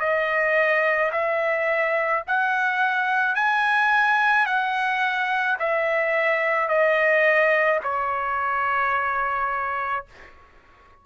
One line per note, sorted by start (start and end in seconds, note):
0.00 1.11 D#5
1.12 2.23 E5
2.27 3.35 F#5
3.35 4.46 G#5
4.46 5.58 F#5
5.60 6.69 E5
6.69 7.80 D#5
7.83 10.06 C#5